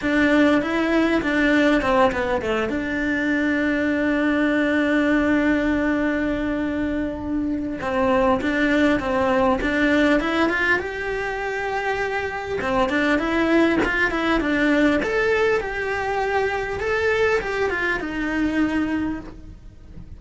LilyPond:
\new Staff \with { instrumentName = "cello" } { \time 4/4 \tempo 4 = 100 d'4 e'4 d'4 c'8 b8 | a8 d'2.~ d'8~ | d'1~ | d'4 c'4 d'4 c'4 |
d'4 e'8 f'8 g'2~ | g'4 c'8 d'8 e'4 f'8 e'8 | d'4 a'4 g'2 | a'4 g'8 f'8 dis'2 | }